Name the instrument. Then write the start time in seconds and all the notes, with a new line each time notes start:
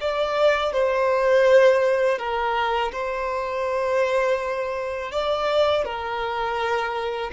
violin
0.00 D5
0.73 C5
2.18 A#4
2.92 C5
5.12 D5
5.84 A#4